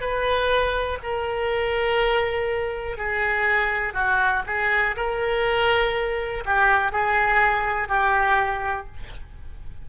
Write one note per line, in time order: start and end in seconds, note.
0.00 0.98 B4
1.03 2.97 A#4
2.97 3.93 G#4
3.93 4.43 F#4
4.47 4.96 G#4
4.97 6.44 A#4
6.45 6.92 G4
6.92 7.88 G#4
7.88 8.87 G4